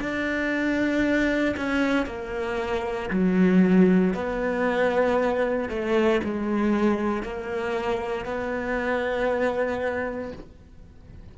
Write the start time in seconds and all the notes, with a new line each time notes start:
0.00 D4
1.57 C#4
2.06 A#3
3.11 F#3
4.14 B3
5.69 A3
6.24 G#3
7.23 A#3
8.25 B3